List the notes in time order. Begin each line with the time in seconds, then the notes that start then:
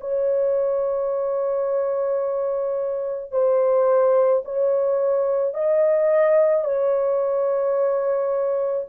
0.00 C#5
3.31 C5
4.44 C#5
5.54 D#5
6.64 C#5